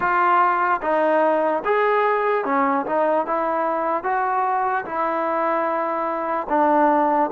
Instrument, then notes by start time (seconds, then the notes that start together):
trombone
0.00 F4
0.81 D#4
1.64 G#4
2.45 C#4
2.86 D#4
3.26 E4
4.03 F#4
4.85 E4
6.49 D4